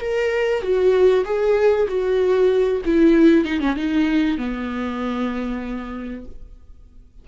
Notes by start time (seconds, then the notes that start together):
0.00 A#4
0.62 F#4
1.24 G#4
1.88 F#4
2.85 E4
3.45 D#4
3.60 C#4
3.76 D#4
4.38 B3